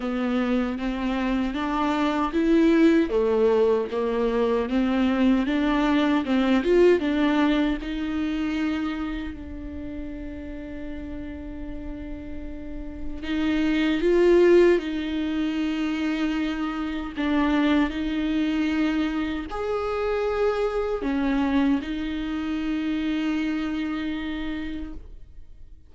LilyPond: \new Staff \with { instrumentName = "viola" } { \time 4/4 \tempo 4 = 77 b4 c'4 d'4 e'4 | a4 ais4 c'4 d'4 | c'8 f'8 d'4 dis'2 | d'1~ |
d'4 dis'4 f'4 dis'4~ | dis'2 d'4 dis'4~ | dis'4 gis'2 cis'4 | dis'1 | }